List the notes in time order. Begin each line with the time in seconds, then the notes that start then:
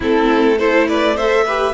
0.00 A3 C4 E4 A4
0.58 E4 A4 C5
0.87 B4 D5
1.15 A4 C5 E5
1.45 G4 B4